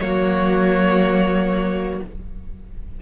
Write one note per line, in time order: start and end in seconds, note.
0.00 2.00 F#3
0.00 2.01 A#3
0.00 2.01 F#4
0.00 2.00 C#5